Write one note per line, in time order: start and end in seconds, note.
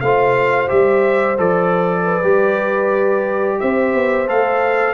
0.00 0.69 A3
0.00 0.67 F4
0.00 2.04 C5
0.00 0.68 F5
0.67 1.38 G3
0.67 1.36 G4
0.67 1.37 E5
1.38 2.23 F3
1.38 2.23 A4
1.38 3.60 D5
2.04 3.57 B4
2.23 3.59 G3
2.23 4.27 G4
3.60 3.94 C4
3.60 4.93 C5
3.60 4.28 E5
3.94 4.28 B3
4.27 4.93 A3
4.27 4.93 A4
4.27 4.93 F5